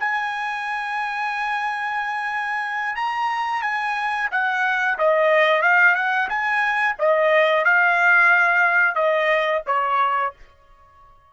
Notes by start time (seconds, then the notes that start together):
0.00 G#5
2.96 A#5
3.62 G#5
4.32 F#5
4.98 D#5
5.62 F5
5.95 F#5
6.29 G#5
6.99 D#5
7.65 F5
8.95 D#5
9.67 C#5